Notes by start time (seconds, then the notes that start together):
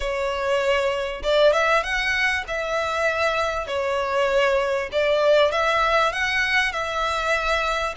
0.00 C#5
1.22 D5
1.52 E5
1.83 F#5
2.47 E5
3.67 C#5
4.92 D5
5.51 E5
6.12 F#5
6.72 E5